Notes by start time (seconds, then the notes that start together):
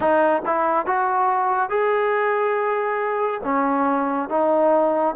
0.00 D#4
0.45 E4
0.86 F#4
1.69 G#4
3.43 C#4
4.29 D#4